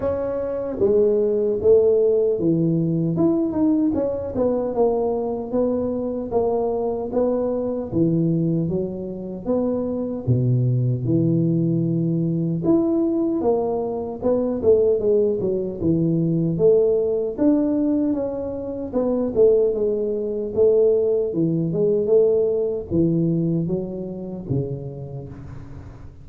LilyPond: \new Staff \with { instrumentName = "tuba" } { \time 4/4 \tempo 4 = 76 cis'4 gis4 a4 e4 | e'8 dis'8 cis'8 b8 ais4 b4 | ais4 b4 e4 fis4 | b4 b,4 e2 |
e'4 ais4 b8 a8 gis8 fis8 | e4 a4 d'4 cis'4 | b8 a8 gis4 a4 e8 gis8 | a4 e4 fis4 cis4 | }